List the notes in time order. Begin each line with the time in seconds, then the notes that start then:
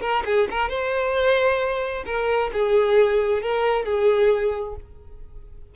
0.00 A#4
0.25 G#4
0.50 A#4
0.68 C5
2.05 A#4
2.53 G#4
3.42 A#4
3.85 G#4